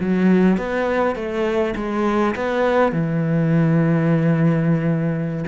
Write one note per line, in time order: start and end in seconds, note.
0.00 0.57 F#3
0.57 1.15 B3
1.15 1.74 A3
1.76 2.35 G#3
2.35 2.92 B3
2.92 5.44 E3